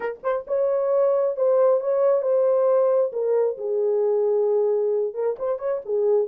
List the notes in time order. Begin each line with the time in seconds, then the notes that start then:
0.00 A#4
0.23 C5
0.47 C#5
1.36 C5
1.80 C#5
2.22 C5
3.12 A#4
3.57 G#4
5.14 A#4
5.38 C5
5.58 C#5
5.85 G#4